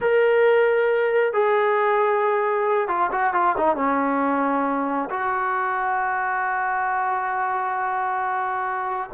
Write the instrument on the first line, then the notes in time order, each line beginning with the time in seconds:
trombone
0.01 A#4
1.33 G#4
2.88 F4
3.11 F#4
3.33 F4
3.57 D#4
3.76 C#4
5.09 F#4